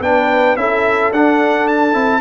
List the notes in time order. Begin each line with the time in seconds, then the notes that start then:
0.00 B3 D4 B4 G5
0.56 C#4 E4 A4 E5
1.11 D4 F#5
1.67 A5
1.92 C4 E4